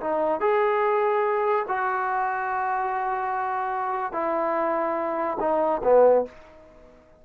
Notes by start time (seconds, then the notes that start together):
0.00 D#4
0.40 G#4
1.68 F#4
4.12 E4
5.40 D#4
5.84 B3